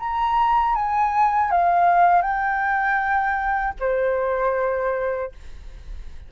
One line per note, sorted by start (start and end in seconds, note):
0.00 0.76 A#5
0.76 1.51 G#5
1.51 2.22 F5
2.22 3.74 G5
3.80 5.32 C5